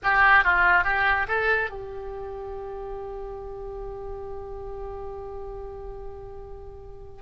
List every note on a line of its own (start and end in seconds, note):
0.03 0.44 G4
0.44 0.84 F4
0.84 1.26 G4
1.28 1.70 A4
1.70 7.22 G4